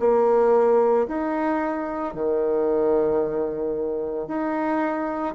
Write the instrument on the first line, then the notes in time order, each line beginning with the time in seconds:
bassoon
0.00 A#3
1.08 D#4
2.14 D#3
4.28 D#4